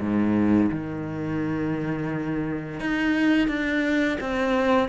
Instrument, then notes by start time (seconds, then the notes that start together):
cello
0.00 G#2
0.71 D#3
2.80 D#4
3.48 D4
4.21 C4